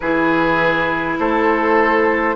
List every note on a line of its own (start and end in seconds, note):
0.00 1.18 E3
0.00 2.35 E4
0.00 1.19 G#4
0.00 1.16 B4
1.18 2.35 A3
1.18 2.35 A4
1.18 2.35 C5